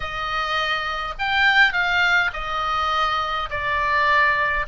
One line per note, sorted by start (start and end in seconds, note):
0.00 1.14 D#5
1.18 1.72 G5
1.72 2.30 F5
2.33 3.49 D#5
3.50 4.66 D5